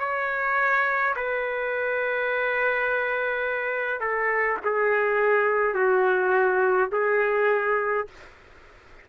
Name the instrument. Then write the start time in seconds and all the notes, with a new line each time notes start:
trumpet
0.00 C#5
1.16 B4
4.01 A4
4.65 G#4
5.75 F#4
6.92 G#4